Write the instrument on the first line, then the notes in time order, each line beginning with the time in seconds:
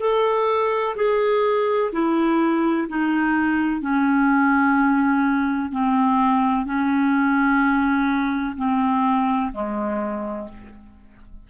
clarinet
0.00 A4
0.96 G#4
1.92 E4
2.88 D#4
3.81 C#4
5.71 C4
6.65 C#4
8.57 C4
9.53 G#3